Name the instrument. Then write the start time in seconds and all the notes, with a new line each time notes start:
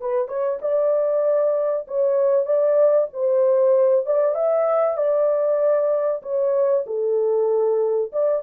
horn
0.00 B4
0.28 C#5
0.61 D5
1.87 C#5
2.45 D5
3.13 C5
4.05 D5
4.34 E5
4.97 D5
6.22 C#5
6.86 A4
8.12 D5